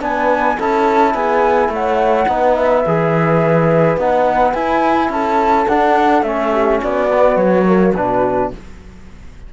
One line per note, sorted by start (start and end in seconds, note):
0.00 0.57 B3
0.00 0.57 D4
0.00 0.56 B4
0.00 0.59 G#5
0.56 1.14 C#4
0.56 2.28 E4
0.56 1.13 A4
0.56 1.15 A5
1.14 1.68 B3
1.14 1.71 G#4
1.14 1.71 G#5
1.68 2.25 A3
1.68 2.28 C#5
1.68 2.55 F#5
2.28 2.85 B3
2.28 2.84 D#4
2.28 5.11 B4
2.55 3.97 E5
2.86 3.96 E3
2.86 3.99 G#4
3.96 4.53 B3
3.96 4.54 D#4
3.96 4.53 F#5
4.53 5.67 E4
4.53 5.09 E4
4.53 5.10 G#5
5.09 5.66 C#4
5.09 6.52 A4
5.09 5.68 A5
5.68 6.23 D4
5.68 6.25 D4
5.68 6.23 F#5
6.23 6.79 A3
6.23 7.10 C#4
6.23 6.79 E5
6.52 6.80 G4
6.80 7.36 B3
6.80 8.50 F#4
6.80 7.36 D5
7.13 7.65 B3
7.36 7.93 F#3
7.36 7.93 C#5
7.65 7.94 A#3
7.94 8.51 B2
7.94 8.53 D4
7.94 8.51 B4